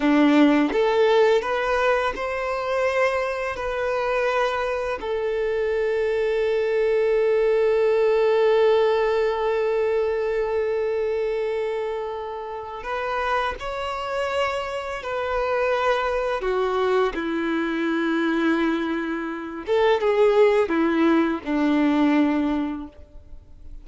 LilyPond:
\new Staff \with { instrumentName = "violin" } { \time 4/4 \tempo 4 = 84 d'4 a'4 b'4 c''4~ | c''4 b'2 a'4~ | a'1~ | a'1~ |
a'2 b'4 cis''4~ | cis''4 b'2 fis'4 | e'2.~ e'8 a'8 | gis'4 e'4 d'2 | }